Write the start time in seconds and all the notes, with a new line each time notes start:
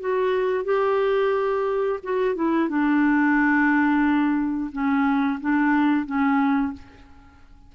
0.00 F#4
0.64 G4
2.03 F#4
2.35 E4
2.68 D4
4.72 C#4
5.40 D4
6.06 C#4